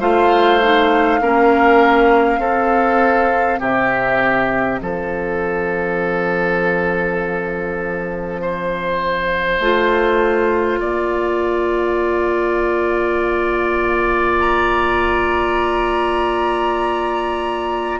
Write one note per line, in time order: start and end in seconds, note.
0.00 1.21 A3
0.00 0.60 F4
0.00 1.20 C5
0.00 3.61 F5
0.62 1.22 D#4
1.21 2.39 A#3
1.21 2.42 C#4
1.21 2.40 A#4
2.39 3.58 C4
2.39 9.62 C4
2.39 3.60 A4
3.60 4.80 C3
3.60 4.80 G4
3.60 4.80 E5
4.80 9.60 F3
4.80 8.42 A4
4.80 14.40 F5
8.42 10.79 C5
9.60 10.80 A3
9.60 18.00 F4
10.79 18.00 A#3
10.79 18.00 D5
14.40 18.00 A#5